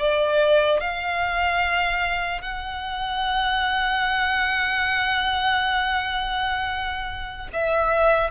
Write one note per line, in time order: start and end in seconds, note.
0.00 0.81 D5
0.81 2.42 F5
2.42 7.49 F#5
7.53 8.31 E5